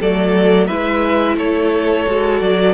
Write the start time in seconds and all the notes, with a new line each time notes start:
0.00 F#3 A3 A4 D5
0.67 G#3 E4 B4 E5
1.37 A3 A4 C#5
2.07 G#3 F#4
2.41 F#3 D5